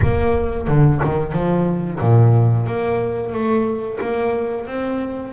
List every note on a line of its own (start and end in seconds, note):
0.02 0.67 A#3
0.67 1.01 D3
1.04 1.32 D#3
1.32 1.98 F3
1.99 2.66 A#2
2.66 3.32 A#3
3.32 3.98 A3
4.00 4.66 A#3
4.66 5.32 C4